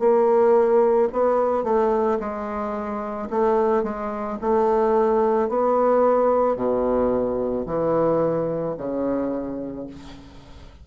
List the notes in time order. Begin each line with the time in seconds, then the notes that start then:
0.00 A#3
1.13 B3
1.64 A3
2.20 G#3
3.30 A3
3.84 G#3
4.42 A3
5.49 B3
6.57 B2
7.67 E3
8.78 C#3